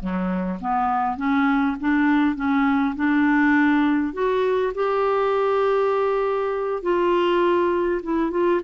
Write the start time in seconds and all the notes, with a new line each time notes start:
0.00 F#3
0.61 B3
1.17 C#4
1.80 D4
2.36 C#4
2.96 D4
4.13 F#4
4.74 G4
6.83 F4
8.03 E4
8.31 F4